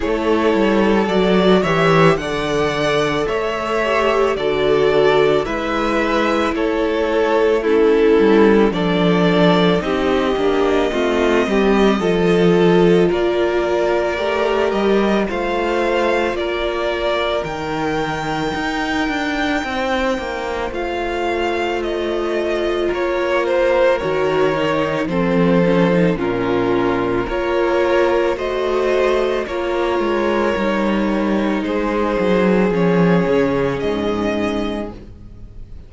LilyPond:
<<
  \new Staff \with { instrumentName = "violin" } { \time 4/4 \tempo 4 = 55 cis''4 d''8 e''8 fis''4 e''4 | d''4 e''4 cis''4 a'4 | d''4 dis''2. | d''4. dis''8 f''4 d''4 |
g''2. f''4 | dis''4 cis''8 c''8 cis''4 c''4 | ais'4 cis''4 dis''4 cis''4~ | cis''4 c''4 cis''4 dis''4 | }
  \new Staff \with { instrumentName = "violin" } { \time 4/4 a'4. cis''8 d''4 cis''4 | a'4 b'4 a'4 e'4 | a'4 g'4 f'8 g'8 a'4 | ais'2 c''4 ais'4~ |
ais'2 c''2~ | c''4 ais'2 a'4 | f'4 ais'4 c''4 ais'4~ | ais'4 gis'2. | }
  \new Staff \with { instrumentName = "viola" } { \time 4/4 e'4 fis'8 g'8 a'4. g'8 | fis'4 e'2 cis'4 | d'4 dis'8 d'8 c'4 f'4~ | f'4 g'4 f'2 |
dis'2. f'4~ | f'2 fis'8 dis'8 c'8 cis'16 dis'16 | cis'4 f'4 fis'4 f'4 | dis'2 cis'2 | }
  \new Staff \with { instrumentName = "cello" } { \time 4/4 a8 g8 fis8 e8 d4 a4 | d4 gis4 a4. g8 | f4 c'8 ais8 a8 g8 f4 | ais4 a8 g8 a4 ais4 |
dis4 dis'8 d'8 c'8 ais8 a4~ | a4 ais4 dis4 f4 | ais,4 ais4 a4 ais8 gis8 | g4 gis8 fis8 f8 cis8 gis,4 | }
>>